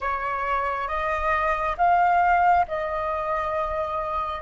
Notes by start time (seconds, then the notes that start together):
0.00 C#5
0.87 D#5
1.77 F5
2.68 D#5